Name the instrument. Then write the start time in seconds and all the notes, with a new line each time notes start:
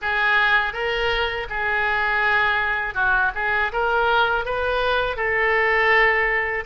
oboe
0.01 G#4
0.73 A#4
1.49 G#4
2.94 F#4
3.34 G#4
3.72 A#4
4.45 B4
5.16 A4